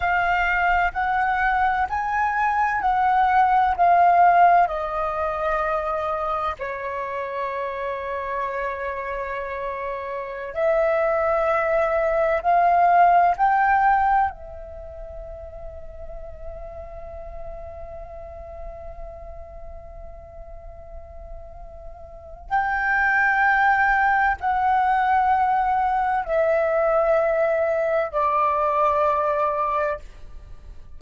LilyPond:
\new Staff \with { instrumentName = "flute" } { \time 4/4 \tempo 4 = 64 f''4 fis''4 gis''4 fis''4 | f''4 dis''2 cis''4~ | cis''2.~ cis''16 e''8.~ | e''4~ e''16 f''4 g''4 e''8.~ |
e''1~ | e''1 | g''2 fis''2 | e''2 d''2 | }